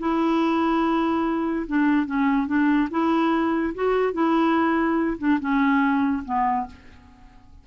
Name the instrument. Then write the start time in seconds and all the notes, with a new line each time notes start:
clarinet
0.00 E4
1.67 D4
2.07 C#4
2.48 D4
2.91 E4
3.75 F#4
4.14 E4
5.19 D4
5.41 C#4
6.25 B3